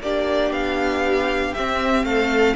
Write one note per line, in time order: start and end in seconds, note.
0.00 0.51 A#3
0.00 1.56 D4
0.00 2.06 G4
0.00 0.52 D5
0.51 1.52 B3
0.51 1.54 F5
1.54 2.56 C4
1.54 2.03 C4
1.54 2.04 E5
2.03 2.54 A3
2.03 2.56 A4
2.03 2.56 F5